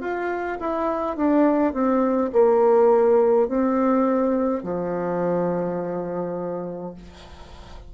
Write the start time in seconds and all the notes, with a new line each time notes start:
0.00 F4
0.59 E4
1.16 D4
1.73 C4
2.32 A#3
3.48 C4
4.63 F3